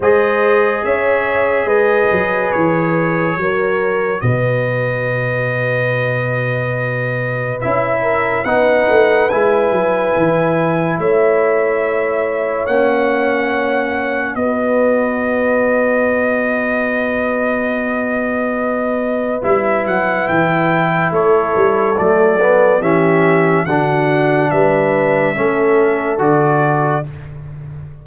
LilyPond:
<<
  \new Staff \with { instrumentName = "trumpet" } { \time 4/4 \tempo 4 = 71 dis''4 e''4 dis''4 cis''4~ | cis''4 dis''2.~ | dis''4 e''4 fis''4 gis''4~ | gis''4 e''2 fis''4~ |
fis''4 dis''2.~ | dis''2. e''8 fis''8 | g''4 cis''4 d''4 e''4 | fis''4 e''2 d''4 | }
  \new Staff \with { instrumentName = "horn" } { \time 4/4 c''4 cis''4 b'2 | ais'4 b'2.~ | b'4. ais'8 b'2~ | b'4 cis''2.~ |
cis''4 b'2.~ | b'1~ | b'4 a'2 g'4 | fis'4 b'4 a'2 | }
  \new Staff \with { instrumentName = "trombone" } { \time 4/4 gis'1 | fis'1~ | fis'4 e'4 dis'4 e'4~ | e'2. cis'4~ |
cis'4 fis'2.~ | fis'2. e'4~ | e'2 a8 b8 cis'4 | d'2 cis'4 fis'4 | }
  \new Staff \with { instrumentName = "tuba" } { \time 4/4 gis4 cis'4 gis8 fis8 e4 | fis4 b,2.~ | b,4 cis'4 b8 a8 gis8 fis8 | e4 a2 ais4~ |
ais4 b2.~ | b2. g8 fis8 | e4 a8 g8 fis4 e4 | d4 g4 a4 d4 | }
>>